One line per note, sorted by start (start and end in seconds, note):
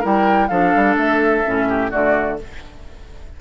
0.00 0.50 G3
0.00 0.50 E4
0.00 0.47 A#4
0.00 0.48 G5
0.48 0.74 F3
0.48 1.44 D4
0.48 1.68 A4
0.48 0.95 F5
0.76 0.97 G3
0.97 1.44 A3
0.97 1.92 E5
1.44 1.94 A2
1.44 1.91 C#4
1.69 1.91 G4
1.91 2.41 D3
1.91 2.38 A3
1.91 2.38 F#4
1.91 2.39 D5